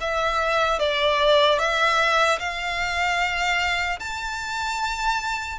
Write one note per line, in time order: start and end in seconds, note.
0.00 0.79 E5
0.79 1.59 D5
1.59 2.39 E5
2.39 3.99 F5
4.00 5.59 A5